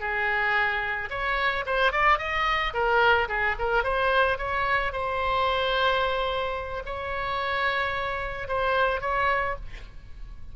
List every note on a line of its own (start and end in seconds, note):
0.00 1.09 G#4
1.10 1.65 C#5
1.66 1.92 C5
1.92 2.19 D5
2.19 2.73 D#5
2.74 3.28 A#4
3.29 3.56 G#4
3.59 3.84 A#4
3.84 4.38 C5
4.38 4.92 C#5
4.92 6.83 C5
6.86 8.48 C#5
8.48 9.01 C5
9.01 9.56 C#5